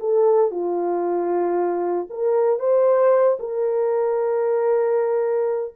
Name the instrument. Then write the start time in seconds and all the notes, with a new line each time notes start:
horn
0.00 A4
0.51 F4
2.10 A#4
2.59 C5
3.40 A#4